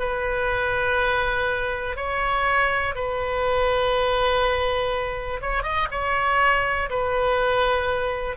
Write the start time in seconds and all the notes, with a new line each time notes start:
0.00 B4
1.97 C#5
2.96 B4
5.42 C#5
5.64 D#5
5.92 C#5
6.90 B4